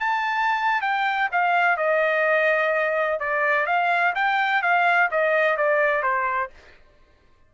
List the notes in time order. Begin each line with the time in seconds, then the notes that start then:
0.00 A5
0.82 G5
1.32 F5
1.77 D#5
3.20 D5
3.66 F5
4.15 G5
4.63 F5
5.11 D#5
5.57 D5
6.03 C5